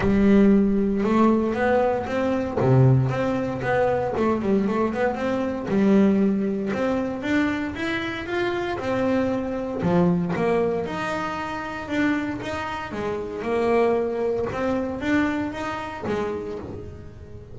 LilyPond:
\new Staff \with { instrumentName = "double bass" } { \time 4/4 \tempo 4 = 116 g2 a4 b4 | c'4 c4 c'4 b4 | a8 g8 a8 b8 c'4 g4~ | g4 c'4 d'4 e'4 |
f'4 c'2 f4 | ais4 dis'2 d'4 | dis'4 gis4 ais2 | c'4 d'4 dis'4 gis4 | }